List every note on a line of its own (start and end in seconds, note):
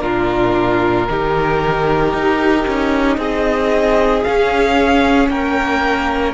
0.00 1.08 A#2
0.00 1.05 D4
0.00 1.09 F4
0.00 3.18 A#4
1.09 2.14 D#3
1.09 4.25 D#4
1.09 3.19 G4
2.14 2.67 D#4
2.68 3.18 C#4
3.18 4.23 C4
3.18 5.30 G#4
3.18 4.24 D#5
4.24 6.34 C#4
4.24 5.29 C#4
4.24 5.29 F5
5.29 6.34 A#3
5.29 6.34 A#4
5.29 6.34 G5